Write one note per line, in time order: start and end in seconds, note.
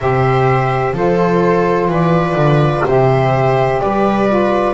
0.00 0.93 C3
0.00 0.94 G4
0.00 0.95 C5
0.00 0.95 E5
0.93 1.88 F3
0.93 2.85 F4
0.93 1.90 A4
0.93 1.91 C5
1.88 2.34 E3
1.88 2.85 B4
1.88 2.87 D5
2.34 2.82 D3
2.85 3.80 C3
2.85 4.28 G4
2.85 3.81 C5
2.85 3.80 E5
3.80 4.74 G3
3.80 4.74 B4
3.80 4.74 D5
4.28 4.74 F4